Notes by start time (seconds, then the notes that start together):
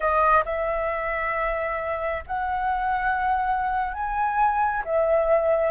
0.00 D#5
0.45 E5
2.27 F#5
3.93 G#5
4.84 E5